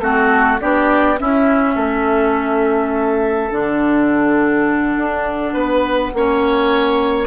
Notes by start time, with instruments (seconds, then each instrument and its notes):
0.00 bassoon A3, clarinet C4, oboe F#4, flute A4
0.60 bassoon B3, clarinet D4, oboe G4, flute D5
1.18 clarinet C#4, bassoon C#4, oboe E4, flute E5
1.75 bassoon A3, oboe A4
3.50 bassoon D3, clarinet D4, flute F#5
4.97 bassoon D4
5.53 bassoon B3, oboe B4
6.13 bassoon A#3, clarinet C#4, oboe C#5